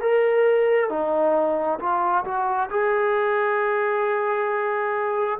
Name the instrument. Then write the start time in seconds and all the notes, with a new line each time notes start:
trombone
0.00 A#4
0.89 D#4
1.79 F4
2.24 F#4
2.70 G#4